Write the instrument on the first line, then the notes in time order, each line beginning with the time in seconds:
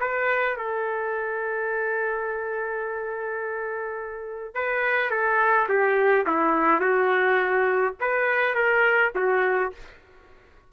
trumpet
0.00 B4
0.56 A4
4.55 B4
5.10 A4
5.69 G4
6.26 E4
6.81 F#4
8.01 B4
8.55 A#4
9.15 F#4